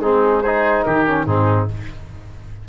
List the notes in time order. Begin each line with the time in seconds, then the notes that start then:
0.00 G#3 C4 D#4 G#4
0.42 D#4 G#4 C5
0.84 D#3 G4 A#4
1.07 C#4
1.26 G#2 C4 D#4 G#4